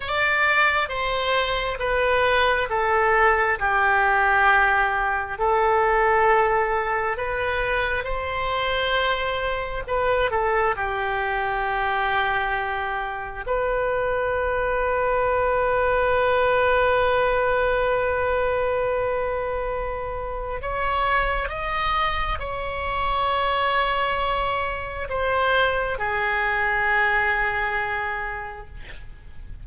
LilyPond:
\new Staff \with { instrumentName = "oboe" } { \time 4/4 \tempo 4 = 67 d''4 c''4 b'4 a'4 | g'2 a'2 | b'4 c''2 b'8 a'8 | g'2. b'4~ |
b'1~ | b'2. cis''4 | dis''4 cis''2. | c''4 gis'2. | }